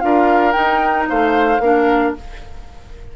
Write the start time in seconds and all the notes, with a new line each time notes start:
0.00 D4 F4 A#4 F5
0.52 D#4 G5
1.09 A3 C5 F5
1.60 A#3 D4 A#4